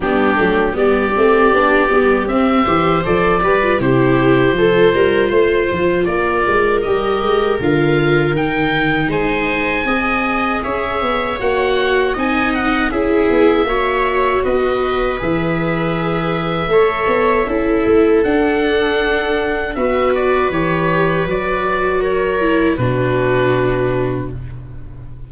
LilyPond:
<<
  \new Staff \with { instrumentName = "oboe" } { \time 4/4 \tempo 4 = 79 g'4 d''2 e''4 | d''4 c''2. | d''4 dis''4 f''4 g''4 | gis''2 e''4 fis''4 |
gis''8 fis''8 e''2 dis''4 | e''1 | fis''2 e''8 d''8 cis''4 | d''4 cis''4 b'2 | }
  \new Staff \with { instrumentName = "viola" } { \time 4/4 d'4 g'2~ g'8 c''8~ | c''8 b'8 g'4 a'8 ais'8 c''4 | ais'1 | c''4 dis''4 cis''2 |
dis''4 gis'4 cis''4 b'4~ | b'2 cis''4 a'4~ | a'2 b'2~ | b'4 ais'4 fis'2 | }
  \new Staff \with { instrumentName = "viola" } { \time 4/4 b8 a8 b8 c'8 d'8 b8 c'8 g'8 | a'8 g'16 f'16 e'4 f'2~ | f'4 g'4 f'4 dis'4~ | dis'4 gis'2 fis'4 |
dis'4 e'4 fis'2 | gis'2 a'4 e'4 | d'2 fis'4 g'4 | fis'4. e'8 d'2 | }
  \new Staff \with { instrumentName = "tuba" } { \time 4/4 g8 fis8 g8 a8 b8 g8 c'8 e8 | f8 g8 c4 f8 g8 a8 f8 | ais8 gis8 g8 gis8 d4 dis4 | gis4 c'4 cis'8 b8 ais4 |
c'4 cis'8 b8 ais4 b4 | e2 a8 b8 cis'8 a8 | d'2 b4 e4 | fis2 b,2 | }
>>